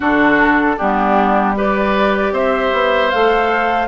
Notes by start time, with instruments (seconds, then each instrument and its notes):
0.00 bassoon D3, clarinet D4, oboe F#4, flute A4
0.77 bassoon G3, clarinet B3, oboe D4, flute G4
1.55 clarinet G4, oboe B4, flute D5
2.31 bassoon C4, oboe C5, flute E5
2.73 bassoon B3
3.10 bassoon A3, clarinet A4, flute F5